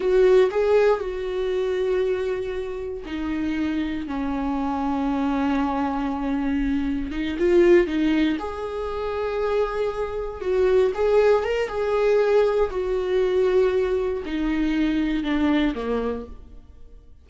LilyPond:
\new Staff \with { instrumentName = "viola" } { \time 4/4 \tempo 4 = 118 fis'4 gis'4 fis'2~ | fis'2 dis'2 | cis'1~ | cis'2 dis'8 f'4 dis'8~ |
dis'8 gis'2.~ gis'8~ | gis'8 fis'4 gis'4 ais'8 gis'4~ | gis'4 fis'2. | dis'2 d'4 ais4 | }